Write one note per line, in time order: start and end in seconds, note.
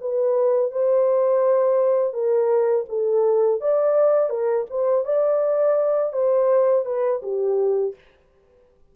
0.00 0.71 B4
0.71 2.13 C5
2.13 2.85 A#4
2.88 3.60 A4
3.60 4.29 D5
4.29 4.66 A#4
4.70 5.04 C5
5.04 6.12 D5
6.12 6.85 C5
6.85 7.21 B4
7.22 7.94 G4